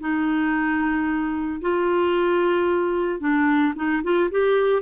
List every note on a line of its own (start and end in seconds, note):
0.00 1.61 D#4
1.61 3.20 F4
3.20 3.74 D4
3.75 4.02 D#4
4.03 4.30 F4
4.31 4.82 G4